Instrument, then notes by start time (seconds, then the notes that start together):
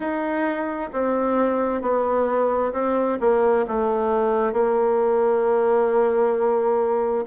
bassoon
0.00 D#4
0.93 C4
1.81 B3
2.72 C4
3.20 A#3
3.67 A3
4.52 A#3